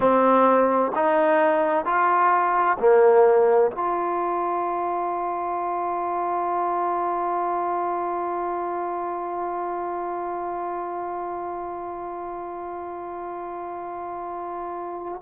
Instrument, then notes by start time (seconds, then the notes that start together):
trombone
0.00 C4
0.95 D#4
1.85 F4
2.79 A#3
3.71 F4